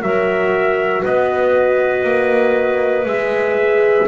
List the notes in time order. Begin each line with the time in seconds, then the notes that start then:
0.00 F#3 F#4 A#4 E5
1.01 B3 B4 D#5
2.03 A#3
3.05 G#3 G#4 E5